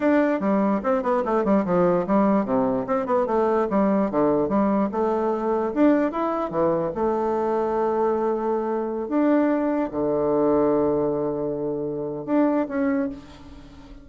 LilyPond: \new Staff \with { instrumentName = "bassoon" } { \time 4/4 \tempo 4 = 147 d'4 g4 c'8 b8 a8 g8 | f4 g4 c4 c'8 b8 | a4 g4 d4 g4 | a2 d'4 e'4 |
e4 a2.~ | a2~ a16 d'4.~ d'16~ | d'16 d2.~ d8.~ | d2 d'4 cis'4 | }